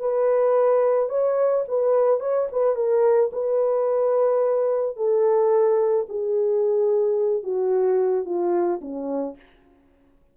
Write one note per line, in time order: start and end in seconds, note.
0.00 1.10 B4
1.10 1.65 C#5
1.68 2.20 B4
2.20 2.48 C#5
2.52 2.75 B4
2.75 3.31 A#4
3.33 4.97 B4
4.97 6.07 A4
6.09 7.43 G#4
7.43 8.25 F#4
8.25 8.80 F4
8.81 9.36 C#4